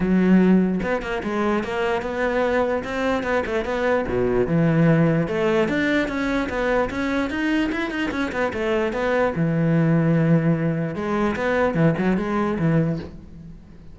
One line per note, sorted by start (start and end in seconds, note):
0.00 0.80 F#3
0.82 1.02 B3
1.02 1.22 A#3
1.23 1.63 G#3
1.63 2.02 A#3
2.02 2.83 B3
2.84 3.23 C4
3.23 3.43 B3
3.46 3.64 A3
3.64 4.05 B3
4.07 4.47 B2
4.47 5.27 E3
5.27 5.68 A3
5.68 6.07 D4
6.07 6.48 C#4
6.49 6.89 B3
6.90 7.30 C#4
7.30 7.70 D#4
7.72 7.90 E4
7.90 8.10 D#4
8.11 8.31 C#4
8.32 8.52 B3
8.53 8.93 A3
8.93 9.33 B3
9.35 10.95 E3
10.95 11.35 G#3
11.36 11.74 B3
11.74 11.94 E3
11.97 12.17 F#3
12.17 12.57 G#3
12.58 12.99 E3